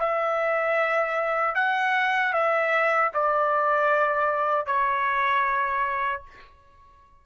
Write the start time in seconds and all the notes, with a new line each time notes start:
0.00 E5
1.55 F#5
2.34 E5
3.14 D5
4.67 C#5